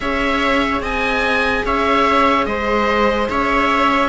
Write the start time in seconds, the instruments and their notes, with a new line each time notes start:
0.00 cello C#4, viola G#4 C#5, oboe E5
0.80 cello C4, viola D#5, oboe G#5
1.65 cello C#4, viola C#5, oboe E5
2.45 cello G#3, viola C5, oboe D#5
3.29 cello C#4, viola C#5, oboe E5